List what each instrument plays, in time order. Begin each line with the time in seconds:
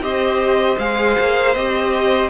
0.00 cello C4, viola G4, violin C5 D#5
0.78 cello G#3, viola G#4, violin F5
1.19 cello A#3
1.54 cello C4, viola G4, violin D#5